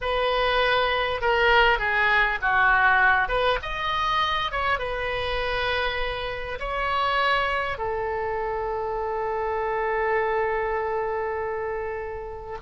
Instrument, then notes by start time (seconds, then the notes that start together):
oboe
0.01 B4
1.21 A#4
1.78 G#4
2.41 F#4
3.28 B4
3.62 D#5
4.51 C#5
4.78 B4
6.59 C#5
7.78 A4